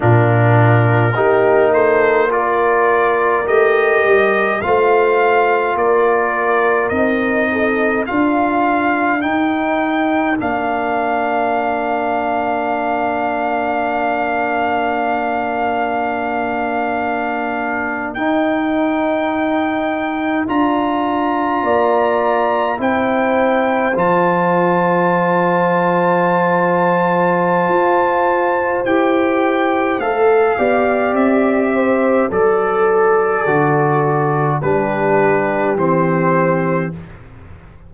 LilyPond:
<<
  \new Staff \with { instrumentName = "trumpet" } { \time 4/4 \tempo 4 = 52 ais'4. c''8 d''4 dis''4 | f''4 d''4 dis''4 f''4 | g''4 f''2.~ | f''2.~ f''8. g''16~ |
g''4.~ g''16 ais''2 g''16~ | g''8. a''2.~ a''16~ | a''4 g''4 f''4 e''4 | d''2 b'4 c''4 | }
  \new Staff \with { instrumentName = "horn" } { \time 4/4 f'4 g'8 a'8 ais'2 | c''4 ais'4. a'8 ais'4~ | ais'1~ | ais'1~ |
ais'2~ ais'8. d''4 c''16~ | c''1~ | c''2~ c''8 d''4 c''8 | a'2 g'2 | }
  \new Staff \with { instrumentName = "trombone" } { \time 4/4 d'4 dis'4 f'4 g'4 | f'2 dis'4 f'4 | dis'4 d'2.~ | d'2.~ d'8. dis'16~ |
dis'4.~ dis'16 f'2 e'16~ | e'8. f'2.~ f'16~ | f'4 g'4 a'8 g'4. | a'4 fis'4 d'4 c'4 | }
  \new Staff \with { instrumentName = "tuba" } { \time 4/4 ais,4 ais2 a8 g8 | a4 ais4 c'4 d'4 | dis'4 ais2.~ | ais2.~ ais8. dis'16~ |
dis'4.~ dis'16 d'4 ais4 c'16~ | c'8. f2.~ f16 | f'4 e'4 a8 b8 c'4 | fis4 d4 g4 e4 | }
>>